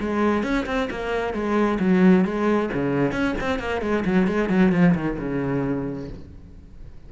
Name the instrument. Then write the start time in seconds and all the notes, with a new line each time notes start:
cello
0.00 G#3
0.43 C#4
0.66 C4
0.90 A#3
1.34 G#3
1.80 F#3
2.25 G#3
2.74 C#3
3.12 C#4
3.40 C4
3.59 A#3
3.82 G#3
4.05 F#3
4.28 G#3
4.49 F#3
4.72 F3
4.95 D#3
5.19 C#3